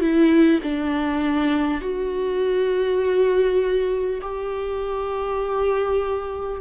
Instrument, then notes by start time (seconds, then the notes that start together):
viola
0.00 E4
0.62 D4
1.81 F#4
4.21 G4